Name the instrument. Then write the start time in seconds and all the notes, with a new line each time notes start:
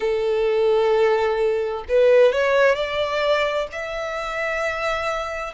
violin
0.00 A4
1.88 B4
2.32 C#5
2.75 D5
3.72 E5